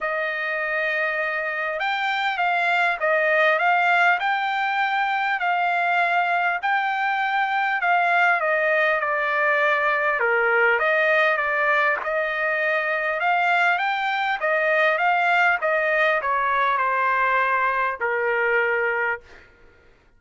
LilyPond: \new Staff \with { instrumentName = "trumpet" } { \time 4/4 \tempo 4 = 100 dis''2. g''4 | f''4 dis''4 f''4 g''4~ | g''4 f''2 g''4~ | g''4 f''4 dis''4 d''4~ |
d''4 ais'4 dis''4 d''4 | dis''2 f''4 g''4 | dis''4 f''4 dis''4 cis''4 | c''2 ais'2 | }